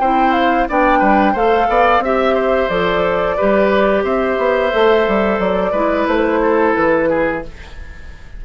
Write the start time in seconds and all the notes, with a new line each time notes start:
0.00 C4 E4 C5 G5
0.33 F5
0.69 B3 D4 D5 G5
0.99 G3 B4
1.33 A3 A4 C5 F5
1.69 B3 D5
2.00 C4 G4 E5
2.35 C5
2.69 F3 A4 D5
3.37 G3 G4 B4
4.04 C4 C5 E5
4.39 B3
4.72 A3 A4
5.08 G3
5.39 F#3 D5
5.72 G#3 E4 B4
6.07 A3 C5
6.43 A4
6.75 E3 B4
7.10 G#4